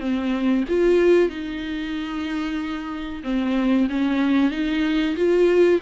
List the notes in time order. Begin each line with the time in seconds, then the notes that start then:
0.00 C4
0.69 F4
1.29 D#4
3.23 C4
3.90 C#4
4.51 D#4
5.16 F4